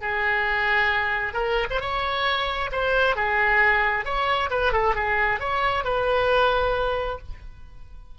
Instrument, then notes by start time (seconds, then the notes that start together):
oboe
0.00 G#4
1.33 A#4
1.70 C5
1.80 C#5
2.71 C5
3.15 G#4
4.05 C#5
4.50 B4
4.72 A4
4.95 G#4
5.40 C#5
5.84 B4